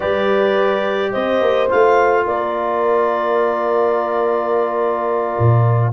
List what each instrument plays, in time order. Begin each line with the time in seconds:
0.00 tuba G3, trombone G4, horn B4, clarinet D5
1.11 tuba C4, horn C5, clarinet D#5
1.41 tuba A#3
1.69 tuba A3, trombone F4, clarinet F5
2.25 tuba A#3, horn A#4, clarinet D5
5.38 tuba A#2